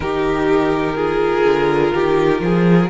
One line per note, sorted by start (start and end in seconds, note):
0.00 1.44 D#3
0.00 0.96 D#4
0.00 0.96 G4
0.00 2.89 A#4
0.96 2.89 F4
0.96 1.93 G#4
1.44 1.92 D3
1.93 2.41 D#3
1.93 2.42 G4
2.41 2.89 F3
2.41 2.89 G#4